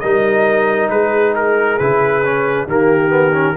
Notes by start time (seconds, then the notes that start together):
0.00 G3 D#4 A#4 D#5
0.89 G#3 G#4 B4
1.35 A#4
1.78 C#3 E4 B4
2.24 C#4
2.67 D#3 A#3 G4 A#4
3.10 B3
3.33 C#4